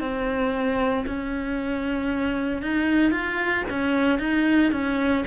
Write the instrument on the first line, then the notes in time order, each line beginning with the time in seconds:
cello
0.00 C4
1.06 C#4
2.62 D#4
3.11 F4
3.69 C#4
4.19 D#4
4.72 C#4